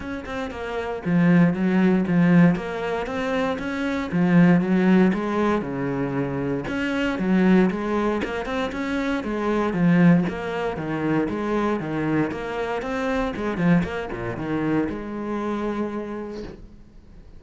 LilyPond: \new Staff \with { instrumentName = "cello" } { \time 4/4 \tempo 4 = 117 cis'8 c'8 ais4 f4 fis4 | f4 ais4 c'4 cis'4 | f4 fis4 gis4 cis4~ | cis4 cis'4 fis4 gis4 |
ais8 c'8 cis'4 gis4 f4 | ais4 dis4 gis4 dis4 | ais4 c'4 gis8 f8 ais8 ais,8 | dis4 gis2. | }